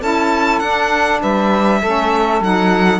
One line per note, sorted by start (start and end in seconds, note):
0.00 0.61 C#4
0.00 0.61 E4
0.00 1.20 A4
0.00 0.59 A5
0.59 1.21 D4
0.59 1.81 D4
0.59 1.19 F#5
1.20 1.82 G3
1.20 1.80 B4
1.20 2.42 E5
1.80 2.40 A3
1.80 2.42 C#4
1.80 3.00 A4
2.40 3.00 F#3
2.40 3.00 D#4
2.40 3.00 F#5